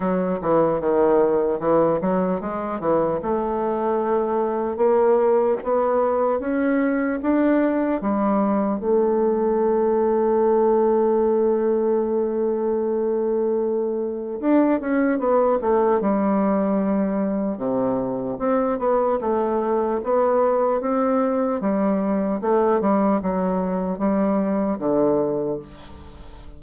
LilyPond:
\new Staff \with { instrumentName = "bassoon" } { \time 4/4 \tempo 4 = 75 fis8 e8 dis4 e8 fis8 gis8 e8 | a2 ais4 b4 | cis'4 d'4 g4 a4~ | a1~ |
a2 d'8 cis'8 b8 a8 | g2 c4 c'8 b8 | a4 b4 c'4 g4 | a8 g8 fis4 g4 d4 | }